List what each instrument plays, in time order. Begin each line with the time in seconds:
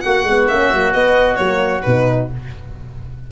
0.00 tuba A#3, horn F#4, oboe F#4, violin F#5
0.24 tuba G#3, horn B3
0.47 tuba A#3, horn C#4, violin E5
0.71 tuba F#3, horn A#3
0.93 horn B3, tuba B3, violin D#5
1.36 tuba F#3, horn A#3, violin C#5
1.82 tuba B2, horn D#4, violin B4